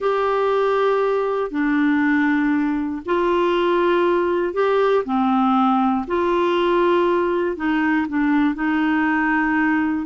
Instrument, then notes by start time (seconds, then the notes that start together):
clarinet
0.00 G4
1.50 D4
3.05 F4
4.53 G4
5.04 C4
6.07 F4
7.56 D#4
8.08 D4
8.54 D#4